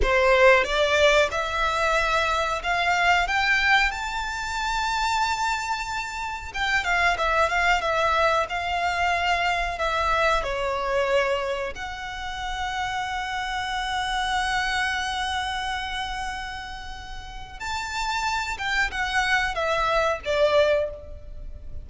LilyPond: \new Staff \with { instrumentName = "violin" } { \time 4/4 \tempo 4 = 92 c''4 d''4 e''2 | f''4 g''4 a''2~ | a''2 g''8 f''8 e''8 f''8 | e''4 f''2 e''4 |
cis''2 fis''2~ | fis''1~ | fis''2. a''4~ | a''8 g''8 fis''4 e''4 d''4 | }